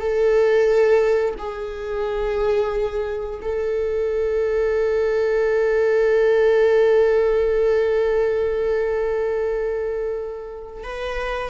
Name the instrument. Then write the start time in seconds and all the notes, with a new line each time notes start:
viola
0.00 A4
1.39 G#4
3.42 A4
10.84 B4